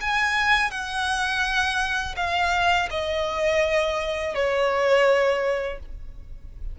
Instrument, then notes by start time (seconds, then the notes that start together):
violin
0.00 G#5
0.70 F#5
2.16 F5
2.90 D#5
4.34 C#5